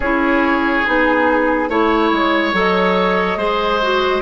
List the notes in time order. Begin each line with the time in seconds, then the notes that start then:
0.00 C#4 E4 G#4 C#5
0.85 B3 D#4 G#4
1.69 A3 E4 C#5
2.11 G#3
2.53 F#3 A4 D#5
3.36 G#3 G#4 C5
3.82 F#4